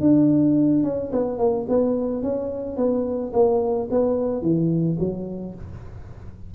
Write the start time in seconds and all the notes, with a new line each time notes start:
0.00 D4
0.83 C#4
1.12 B3
1.38 A#3
1.69 B3
2.22 C#4
2.77 B3
3.33 A#3
3.91 B3
4.41 E3
4.99 F#3